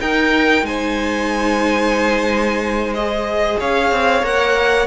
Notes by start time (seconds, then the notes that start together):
0.00 D#4 A#4 G5
0.62 G#3 C5 G#5
2.93 G#4 D#5
3.59 C#4 C#5 F5
3.91 C4
4.22 A#3 A#4 F#5